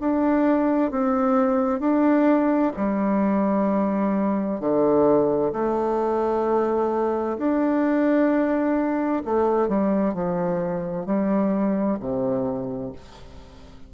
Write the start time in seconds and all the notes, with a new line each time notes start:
0.00 D4
0.91 C4
1.80 D4
2.77 G3
4.60 D3
5.53 A3
7.38 D4
9.25 A3
9.68 G3
10.14 F3
11.06 G3
12.00 C3